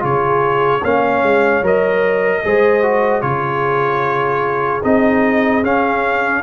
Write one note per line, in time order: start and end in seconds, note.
0.00 0.83 C#3
0.00 0.80 F4
0.00 0.82 G#4
0.00 0.85 C#5
0.83 1.23 A#3
0.83 1.64 C#4
0.83 2.43 C#5
0.83 1.65 F5
1.23 1.62 G#3
1.62 2.43 F#3
1.62 2.44 A#4
1.62 3.22 D#5
2.44 3.23 G#3
2.44 2.83 G#4
2.44 3.25 C5
2.83 3.22 F#4
3.22 4.83 C#3
3.22 4.82 F4
3.22 6.44 G#4
3.22 4.82 C#5
4.83 5.62 C4
4.83 5.63 D#4
4.83 5.65 D#5
5.62 6.43 C#4
5.62 6.44 C#4
5.62 6.44 F5